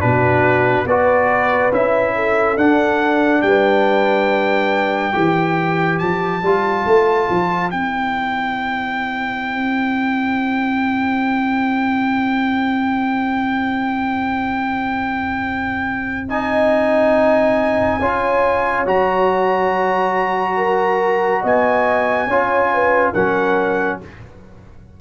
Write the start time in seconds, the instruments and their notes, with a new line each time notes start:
0.00 tuba B2, trombone D4, horn F#4, trumpet B4
0.85 tuba B3, trombone F#4, horn B4, trumpet D5
1.72 tuba C#4, trombone E4, trumpet E5
2.15 horn A4
2.57 tuba D4, trombone D4, trumpet F#5
3.42 tuba G3, horn B4, trumpet G5
5.13 tuba E3, trombone G4, horn C5
5.99 tuba F3, trumpet A5
6.43 tuba G3, trombone F4
6.87 tuba A3
7.31 tuba F3
7.71 tuba C4, trombone E4, trumpet G5
16.30 trombone D#4, horn D#5, trumpet G#5
18.01 tuba C#4, trombone F4, horn C#5
18.86 tuba F#3, trombone F#4, trumpet A#5
20.57 horn A#4
21.42 tuba B3, horn D#5, trumpet G#5
22.27 tuba C#4, trombone F4, horn C#5
22.74 horn B4
23.14 tuba F#3, trombone C#4, horn A#4, trumpet F#5